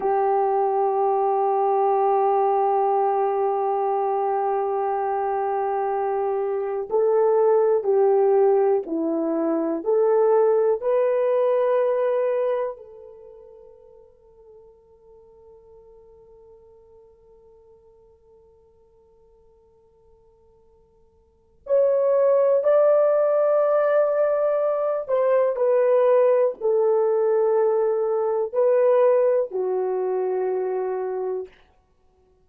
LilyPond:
\new Staff \with { instrumentName = "horn" } { \time 4/4 \tempo 4 = 61 g'1~ | g'2. a'4 | g'4 e'4 a'4 b'4~ | b'4 a'2.~ |
a'1~ | a'2 cis''4 d''4~ | d''4. c''8 b'4 a'4~ | a'4 b'4 fis'2 | }